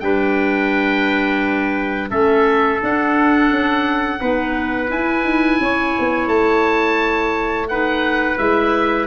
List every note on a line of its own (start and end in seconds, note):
0.00 2.11 G3
0.00 2.10 D4
0.00 2.10 B4
0.00 2.09 G5
2.10 2.81 A3
2.10 2.79 C#4
2.10 4.20 A4
2.10 2.80 E5
2.81 4.19 D4
2.81 3.51 D4
2.81 4.91 F#5
3.51 4.20 C#4
4.19 4.90 B3
4.19 4.87 D#4
4.19 5.60 B4
4.87 7.66 E4
4.87 5.24 E4
4.87 6.28 G#5
5.24 5.58 D#4
5.60 5.95 C#4
5.60 7.70 C#5
5.99 6.26 B3
6.26 8.36 A3
6.26 7.68 A5
7.68 8.37 D#4
7.68 9.07 B4
7.68 8.38 F#5
8.37 9.07 G#3
8.37 9.07 E4
8.37 9.07 E5